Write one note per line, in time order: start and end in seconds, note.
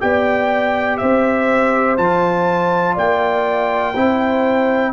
0.00 1.00 B3
0.00 1.97 G4
0.00 1.00 D5
0.00 0.97 G5
0.97 1.98 C4
0.97 2.94 C5
0.97 1.95 E5
1.97 2.96 F3
1.97 3.94 F4
1.97 2.95 A5
2.94 3.95 A#3
2.94 3.93 D5
2.94 4.93 G5
3.93 4.93 C4
3.93 4.93 E4
3.93 4.92 C5